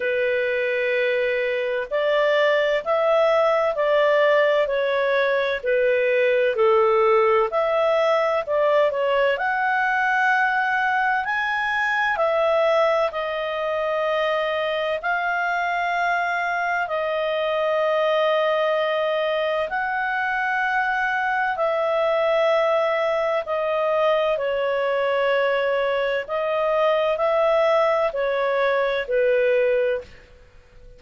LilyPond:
\new Staff \with { instrumentName = "clarinet" } { \time 4/4 \tempo 4 = 64 b'2 d''4 e''4 | d''4 cis''4 b'4 a'4 | e''4 d''8 cis''8 fis''2 | gis''4 e''4 dis''2 |
f''2 dis''2~ | dis''4 fis''2 e''4~ | e''4 dis''4 cis''2 | dis''4 e''4 cis''4 b'4 | }